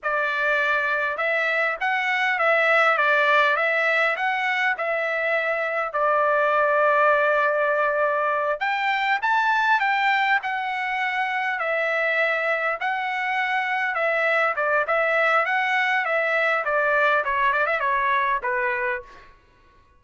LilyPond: \new Staff \with { instrumentName = "trumpet" } { \time 4/4 \tempo 4 = 101 d''2 e''4 fis''4 | e''4 d''4 e''4 fis''4 | e''2 d''2~ | d''2~ d''8 g''4 a''8~ |
a''8 g''4 fis''2 e''8~ | e''4. fis''2 e''8~ | e''8 d''8 e''4 fis''4 e''4 | d''4 cis''8 d''16 e''16 cis''4 b'4 | }